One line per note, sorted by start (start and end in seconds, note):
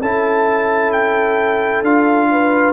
0.00 1.82 C#4
0.00 1.84 E4
0.00 2.28 A4
0.00 0.92 A5
0.92 1.83 G5
1.82 2.73 D4
1.82 2.73 F4
1.82 2.73 F5
2.30 2.73 B4